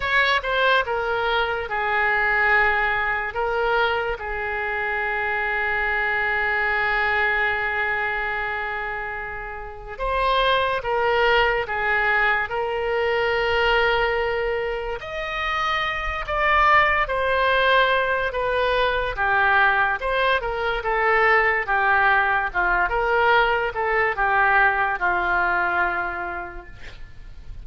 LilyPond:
\new Staff \with { instrumentName = "oboe" } { \time 4/4 \tempo 4 = 72 cis''8 c''8 ais'4 gis'2 | ais'4 gis'2.~ | gis'1 | c''4 ais'4 gis'4 ais'4~ |
ais'2 dis''4. d''8~ | d''8 c''4. b'4 g'4 | c''8 ais'8 a'4 g'4 f'8 ais'8~ | ais'8 a'8 g'4 f'2 | }